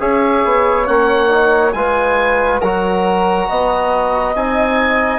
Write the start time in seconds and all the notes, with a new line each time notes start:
0.00 C#4 G#4 C#5 E5
0.45 B3
0.86 A#3 C#4 F#5
1.29 D#4
1.73 G#3 F4 B4 G#5
2.60 F#3 F#4 A#4 A#5
3.49 B3 D#5
4.35 C4 D#4 G#5